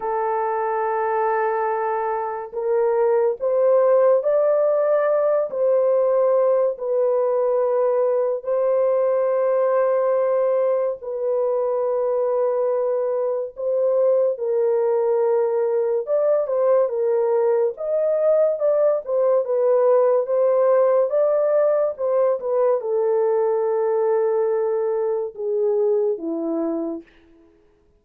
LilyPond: \new Staff \with { instrumentName = "horn" } { \time 4/4 \tempo 4 = 71 a'2. ais'4 | c''4 d''4. c''4. | b'2 c''2~ | c''4 b'2. |
c''4 ais'2 d''8 c''8 | ais'4 dis''4 d''8 c''8 b'4 | c''4 d''4 c''8 b'8 a'4~ | a'2 gis'4 e'4 | }